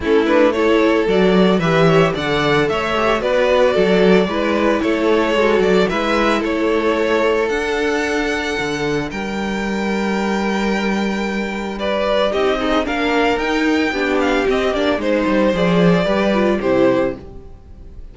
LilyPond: <<
  \new Staff \with { instrumentName = "violin" } { \time 4/4 \tempo 4 = 112 a'8 b'8 cis''4 d''4 e''4 | fis''4 e''4 d''2~ | d''4 cis''4. d''8 e''4 | cis''2 fis''2~ |
fis''4 g''2.~ | g''2 d''4 dis''4 | f''4 g''4. f''8 dis''8 d''8 | c''4 d''2 c''4 | }
  \new Staff \with { instrumentName = "violin" } { \time 4/4 e'4 a'2 b'8 cis''8 | d''4 cis''4 b'4 a'4 | b'4 a'2 b'4 | a'1~ |
a'4 ais'2.~ | ais'2 b'4 g'8 dis'8 | ais'2 g'2 | c''2 b'4 g'4 | }
  \new Staff \with { instrumentName = "viola" } { \time 4/4 cis'8 d'8 e'4 fis'4 g'4 | a'4. g'8 fis'2 | e'2 fis'4 e'4~ | e'2 d'2~ |
d'1~ | d'2. dis'8 gis'8 | d'4 dis'4 d'4 c'8 d'8 | dis'4 gis'4 g'8 f'8 e'4 | }
  \new Staff \with { instrumentName = "cello" } { \time 4/4 a2 fis4 e4 | d4 a4 b4 fis4 | gis4 a4 gis8 fis8 gis4 | a2 d'2 |
d4 g2.~ | g2. c'4 | ais4 dis'4 b4 c'8 ais8 | gis8 g8 f4 g4 c4 | }
>>